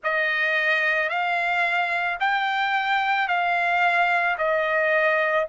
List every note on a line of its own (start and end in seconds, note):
0.03 1.09 D#5
1.09 2.18 F5
2.20 3.27 G5
3.27 4.36 F5
4.37 5.46 D#5